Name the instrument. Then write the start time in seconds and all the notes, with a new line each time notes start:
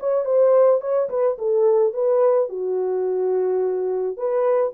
horn
0.00 C#5
0.25 C5
0.81 C#5
1.10 B4
1.39 A4
1.93 B4
2.49 F#4
4.17 B4